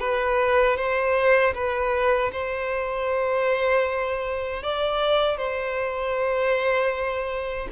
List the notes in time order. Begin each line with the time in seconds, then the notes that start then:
0.00 B4
0.77 C5
1.55 B4
2.32 C5
4.63 D5
5.37 C5